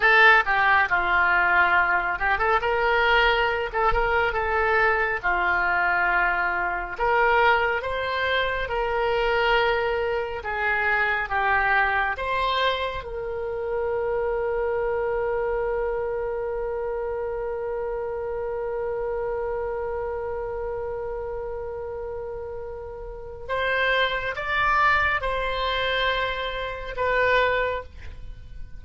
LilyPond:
\new Staff \with { instrumentName = "oboe" } { \time 4/4 \tempo 4 = 69 a'8 g'8 f'4. g'16 a'16 ais'4~ | ais'16 a'16 ais'8 a'4 f'2 | ais'4 c''4 ais'2 | gis'4 g'4 c''4 ais'4~ |
ais'1~ | ais'1~ | ais'2. c''4 | d''4 c''2 b'4 | }